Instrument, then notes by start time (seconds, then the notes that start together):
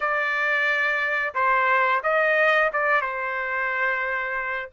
trumpet
0.00 D5
1.34 C5
2.03 D#5
2.72 D5
3.01 C5